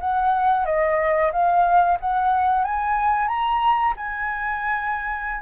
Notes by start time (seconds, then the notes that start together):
0.00 F#5
0.66 D#5
1.32 F5
2.00 F#5
2.64 G#5
3.28 A#5
3.97 G#5